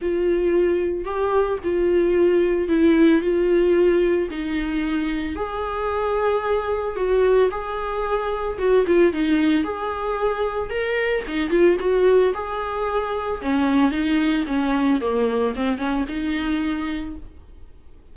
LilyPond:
\new Staff \with { instrumentName = "viola" } { \time 4/4 \tempo 4 = 112 f'2 g'4 f'4~ | f'4 e'4 f'2 | dis'2 gis'2~ | gis'4 fis'4 gis'2 |
fis'8 f'8 dis'4 gis'2 | ais'4 dis'8 f'8 fis'4 gis'4~ | gis'4 cis'4 dis'4 cis'4 | ais4 c'8 cis'8 dis'2 | }